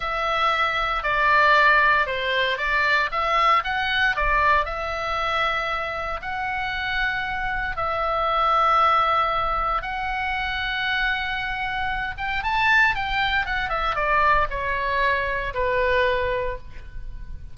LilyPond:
\new Staff \with { instrumentName = "oboe" } { \time 4/4 \tempo 4 = 116 e''2 d''2 | c''4 d''4 e''4 fis''4 | d''4 e''2. | fis''2. e''4~ |
e''2. fis''4~ | fis''2.~ fis''8 g''8 | a''4 g''4 fis''8 e''8 d''4 | cis''2 b'2 | }